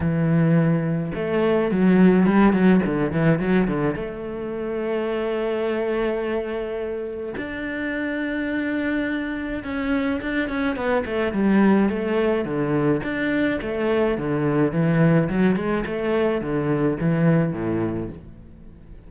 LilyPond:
\new Staff \with { instrumentName = "cello" } { \time 4/4 \tempo 4 = 106 e2 a4 fis4 | g8 fis8 d8 e8 fis8 d8 a4~ | a1~ | a4 d'2.~ |
d'4 cis'4 d'8 cis'8 b8 a8 | g4 a4 d4 d'4 | a4 d4 e4 fis8 gis8 | a4 d4 e4 a,4 | }